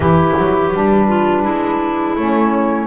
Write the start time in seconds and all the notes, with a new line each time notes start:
0.00 E3 E4 G4 B4
0.37 F#3
0.73 G3 D4
1.08 F4
1.42 G#3 E4
2.15 A3 C#4 C#5